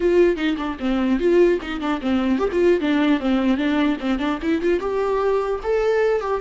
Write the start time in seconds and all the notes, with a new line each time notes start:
0.00 F4
0.36 D#4
0.57 D4
0.79 C4
1.19 F4
1.61 D#4
1.80 D4
2.01 C4
2.38 G4
2.52 F4
2.80 D4
3.19 C4
3.57 D4
4.00 C4
4.19 D4
4.42 E4
4.61 F4
4.80 G4
5.63 A4
6.20 G4